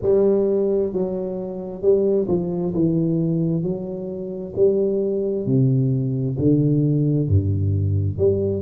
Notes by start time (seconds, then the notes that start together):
0.02 G3
0.93 F#3
1.81 G3
2.28 F3
2.74 E3
3.62 F#3
4.55 G3
5.45 C3
6.38 D3
7.28 G2
8.18 G3